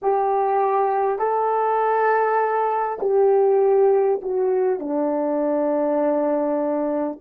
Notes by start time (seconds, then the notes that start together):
0.02 G4
1.18 A4
3.00 G4
4.22 F#4
4.79 D4